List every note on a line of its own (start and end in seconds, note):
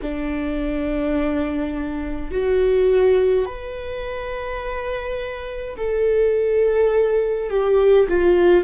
0.02 2.31 D4
2.31 3.45 F#4
3.45 5.76 B4
5.76 7.49 A4
7.49 8.07 G4
8.08 8.64 F4